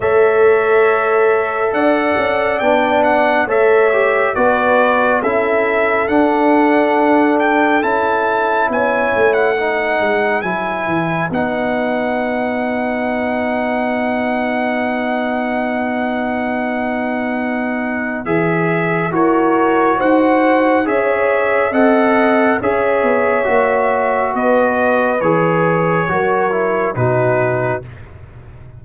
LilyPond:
<<
  \new Staff \with { instrumentName = "trumpet" } { \time 4/4 \tempo 4 = 69 e''2 fis''4 g''8 fis''8 | e''4 d''4 e''4 fis''4~ | fis''8 g''8 a''4 gis''8. fis''4~ fis''16 | gis''4 fis''2.~ |
fis''1~ | fis''4 e''4 cis''4 fis''4 | e''4 fis''4 e''2 | dis''4 cis''2 b'4 | }
  \new Staff \with { instrumentName = "horn" } { \time 4/4 cis''2 d''2 | cis''4 b'4 a'2~ | a'2 cis''4 b'4~ | b'1~ |
b'1~ | b'2 ais'4 c''4 | cis''4 dis''4 cis''2 | b'2 ais'4 fis'4 | }
  \new Staff \with { instrumentName = "trombone" } { \time 4/4 a'2. d'4 | a'8 g'8 fis'4 e'4 d'4~ | d'4 e'2 dis'4 | e'4 dis'2.~ |
dis'1~ | dis'4 gis'4 fis'2 | gis'4 a'4 gis'4 fis'4~ | fis'4 gis'4 fis'8 e'8 dis'4 | }
  \new Staff \with { instrumentName = "tuba" } { \time 4/4 a2 d'8 cis'8 b4 | a4 b4 cis'4 d'4~ | d'4 cis'4 b8 a4 gis8 | fis8 e8 b2.~ |
b1~ | b4 e4 e'4 dis'4 | cis'4 c'4 cis'8 b8 ais4 | b4 e4 fis4 b,4 | }
>>